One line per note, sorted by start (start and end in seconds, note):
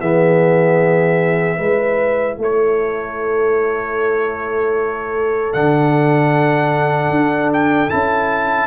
0.00 1.59 E3
0.00 1.59 B3
0.00 1.58 G#4
0.00 2.38 E5
1.58 2.38 G#3
1.58 5.53 E4
1.58 2.37 B4
2.38 5.54 A3
2.38 8.68 A4
2.38 5.54 C#5
5.53 7.10 D3
5.53 7.90 D4
5.53 7.51 F#5
7.10 7.89 D4
7.53 7.90 G5
7.90 8.68 C#4
7.90 8.68 E4
7.90 8.68 A5